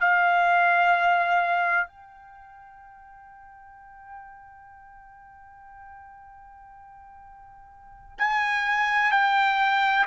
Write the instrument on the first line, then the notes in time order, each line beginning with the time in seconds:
trumpet
0.00 F5
1.87 G5
8.18 G#5
9.11 G5